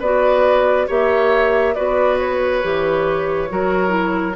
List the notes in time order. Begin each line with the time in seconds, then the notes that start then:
0.00 B3 F#4 B4 D5
0.88 A#3 G4 C#5 E5
1.75 B3 F#4 B4 D5
2.19 C#5
2.63 E3 G4
3.49 F#3 F#4 A#4
3.89 E4